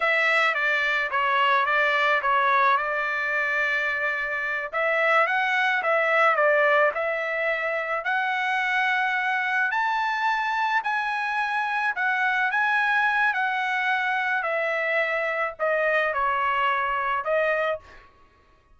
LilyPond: \new Staff \with { instrumentName = "trumpet" } { \time 4/4 \tempo 4 = 108 e''4 d''4 cis''4 d''4 | cis''4 d''2.~ | d''8 e''4 fis''4 e''4 d''8~ | d''8 e''2 fis''4.~ |
fis''4. a''2 gis''8~ | gis''4. fis''4 gis''4. | fis''2 e''2 | dis''4 cis''2 dis''4 | }